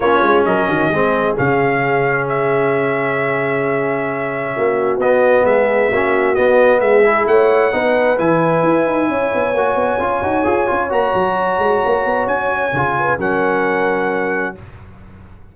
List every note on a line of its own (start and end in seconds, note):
0.00 0.20 A#3
0.00 0.93 C#4
0.00 0.46 F4
0.00 0.44 C#5
0.22 0.44 G#3
0.45 0.68 F#3
0.45 0.68 A#4
0.45 1.36 D#5
0.68 0.89 D#3
0.68 0.89 F#4
0.89 1.35 G#3
0.89 1.36 C4
0.89 4.52 G#4
1.36 4.56 C#3
1.36 5.00 C#4
1.36 2.28 F5
2.28 5.00 E5
4.55 4.97 A#3
4.55 5.46 F#4
4.97 5.43 B3
4.97 5.92 B3
4.97 5.45 D#5
5.44 5.89 G#3
5.44 5.89 G#4
5.44 6.34 E5
5.89 6.36 A#3
5.89 6.35 C#4
5.89 6.80 F#4
6.34 7.03 B3
6.34 6.80 B3
6.34 6.80 D#5
6.80 7.25 G#3
6.80 7.29 G#4
6.80 7.25 E5
7.04 7.71 E4
7.26 7.72 A3
7.26 7.73 C#5
7.26 8.18 F#5
7.71 8.18 B3
7.71 8.16 D#4
7.71 9.09 B4
8.17 8.63 E3
8.17 9.54 E4
8.17 10.91 G#5
8.63 8.86 E4
8.86 9.08 D#4
9.08 9.31 C#4
9.08 12.97 C#5
9.34 9.53 B3
9.53 9.75 A#3
9.53 10.00 F#4
9.75 9.97 B3
9.98 10.21 C#4
9.98 10.22 F4
10.22 10.44 D#4
10.22 10.44 F#4
10.44 10.68 F4
10.44 10.67 G#4
10.67 10.91 C#4
10.67 10.89 F4
10.89 11.13 A#3
10.89 12.71 F#4
10.89 12.27 A#5
11.14 11.58 F#3
11.58 11.81 G#3
11.85 12.05 A#3
12.05 12.26 B3
12.26 12.71 C#4
12.26 13.18 G#5
12.72 13.18 C#3
12.72 13.19 F4
12.98 13.19 B4
13.18 14.54 F#3
13.18 14.55 C#4
13.18 14.55 A#4
13.18 14.56 F#5